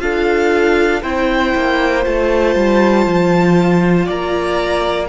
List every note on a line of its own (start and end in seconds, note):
0.00 1.03 D4
0.00 1.02 F4
0.00 1.02 A4
0.00 1.02 F5
1.02 1.54 C4
1.02 2.03 E4
1.02 4.06 C5
1.02 2.05 G5
1.55 2.06 A#3
2.03 2.56 A3
2.03 5.08 F4
2.03 4.08 A5
2.56 3.06 G3
3.06 4.08 F3
4.06 5.08 A#3
4.06 5.07 D5
4.06 5.08 A#5